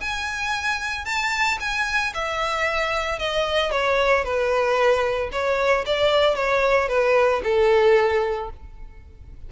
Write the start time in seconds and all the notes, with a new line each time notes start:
0.00 G#5
1.05 A5
1.60 G#5
2.14 E5
3.19 D#5
3.71 C#5
4.24 B4
5.32 C#5
5.86 D5
6.35 C#5
6.88 B4
7.44 A4